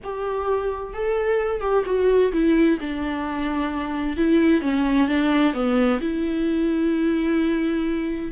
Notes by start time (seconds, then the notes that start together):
0.03 G4
0.93 A4
1.60 G4
1.85 F#4
2.32 E4
2.80 D4
4.16 E4
4.61 C#4
5.08 D4
5.53 B3
6.00 E4